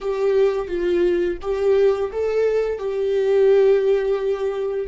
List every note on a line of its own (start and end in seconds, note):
0.01 0.67 G4
0.67 1.37 F4
1.41 2.11 G4
2.12 2.78 A4
2.78 4.87 G4